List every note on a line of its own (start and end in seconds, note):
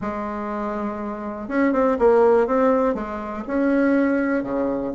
0.01 1.48 G#3
1.48 1.73 C#4
1.73 1.97 C4
1.98 2.46 A#3
2.46 2.94 C4
2.94 3.43 G#3
3.47 4.43 C#4
4.43 4.92 C#3